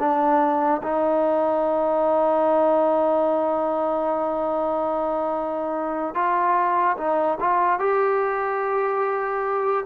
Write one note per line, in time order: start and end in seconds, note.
0.00 0.82 D4
0.83 6.15 D#4
6.15 6.97 F4
6.98 7.39 D#4
7.40 7.80 F4
7.80 9.86 G4